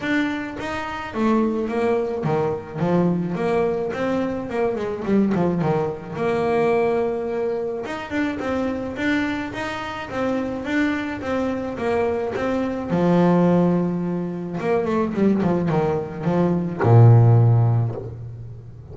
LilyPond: \new Staff \with { instrumentName = "double bass" } { \time 4/4 \tempo 4 = 107 d'4 dis'4 a4 ais4 | dis4 f4 ais4 c'4 | ais8 gis8 g8 f8 dis4 ais4~ | ais2 dis'8 d'8 c'4 |
d'4 dis'4 c'4 d'4 | c'4 ais4 c'4 f4~ | f2 ais8 a8 g8 f8 | dis4 f4 ais,2 | }